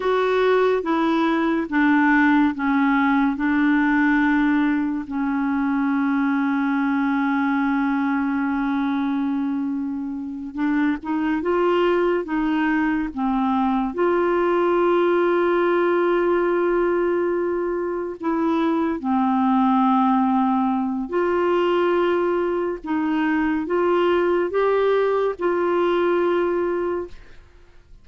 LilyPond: \new Staff \with { instrumentName = "clarinet" } { \time 4/4 \tempo 4 = 71 fis'4 e'4 d'4 cis'4 | d'2 cis'2~ | cis'1~ | cis'8 d'8 dis'8 f'4 dis'4 c'8~ |
c'8 f'2.~ f'8~ | f'4. e'4 c'4.~ | c'4 f'2 dis'4 | f'4 g'4 f'2 | }